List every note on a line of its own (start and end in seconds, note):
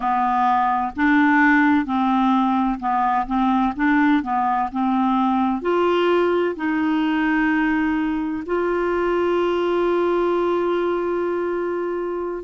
0.00 0.92 B3
0.96 1.85 D4
1.85 2.79 C4
2.79 3.26 B3
3.26 3.73 C4
3.75 4.22 D4
4.22 4.69 B3
4.72 5.61 C4
5.61 6.55 F4
6.56 8.43 D#4
8.45 12.43 F4